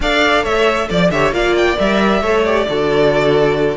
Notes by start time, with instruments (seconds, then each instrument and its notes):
0.00 cello D4, viola A4, violin D5 F5
0.43 cello A3, violin C#5 E5
0.89 cello F3, violin D5
1.10 cello D3, viola G4, violin C#5 E5
1.31 cello A#3, viola F4, violin D5 F5
1.56 violin G5
1.78 cello G3, viola A#4, violin E5
2.21 cello A3, viola A4, violin C#5
2.43 viola G4, violin D5
2.68 cello D3, viola F#4, violin A4